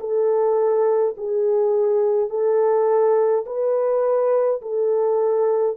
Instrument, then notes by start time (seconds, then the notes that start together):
horn
0.00 A4
1.17 G#4
2.30 A4
3.46 B4
4.62 A4